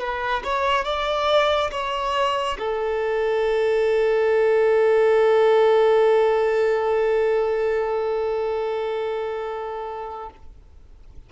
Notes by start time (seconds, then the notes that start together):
0.00 B4
0.44 C#5
0.85 D5
1.72 C#5
2.59 A4